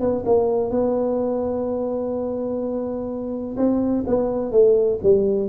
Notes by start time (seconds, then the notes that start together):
0.00 B3
0.25 A#3
0.70 B3
3.57 C4
4.07 B3
4.52 A3
5.03 G3